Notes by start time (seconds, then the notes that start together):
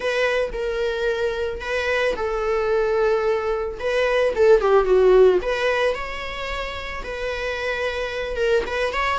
0.00 B4
0.52 A#4
1.60 B4
2.16 A4
3.79 B4
4.35 A4
4.61 G4
4.85 F#4
5.42 B4
5.94 C#5
7.03 B4
8.36 A#4
8.66 B4
8.93 C#5